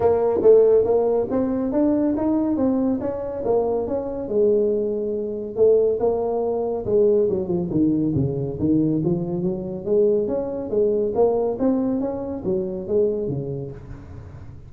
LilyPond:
\new Staff \with { instrumentName = "tuba" } { \time 4/4 \tempo 4 = 140 ais4 a4 ais4 c'4 | d'4 dis'4 c'4 cis'4 | ais4 cis'4 gis2~ | gis4 a4 ais2 |
gis4 fis8 f8 dis4 cis4 | dis4 f4 fis4 gis4 | cis'4 gis4 ais4 c'4 | cis'4 fis4 gis4 cis4 | }